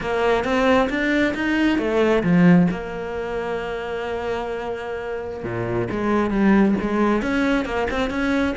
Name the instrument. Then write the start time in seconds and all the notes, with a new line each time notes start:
cello
0.01 A#3
0.44 C4
0.89 D4
1.34 D#4
1.78 A3
2.23 F3
2.70 A#3
5.43 A#2
5.91 G#3
6.30 G3
6.80 G#3
7.22 C#4
7.65 A#3
7.90 C4
8.10 C#4